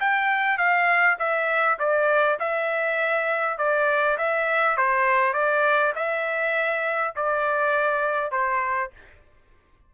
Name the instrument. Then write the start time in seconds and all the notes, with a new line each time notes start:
trumpet
0.00 G5
0.58 F5
1.19 E5
1.79 D5
2.39 E5
3.58 D5
4.17 E5
4.77 C5
5.33 D5
5.95 E5
7.15 D5
8.31 C5